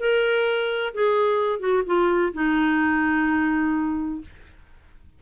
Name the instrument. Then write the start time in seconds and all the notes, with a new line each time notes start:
clarinet
0.00 A#4
0.94 G#4
1.60 F#4
1.86 F4
2.34 D#4